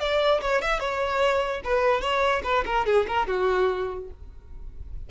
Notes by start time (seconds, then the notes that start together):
0.00 D5
0.41 C#5
0.62 E5
0.80 C#5
1.64 B4
2.01 C#5
2.44 B4
2.66 A#4
2.86 G#4
3.08 A#4
3.27 F#4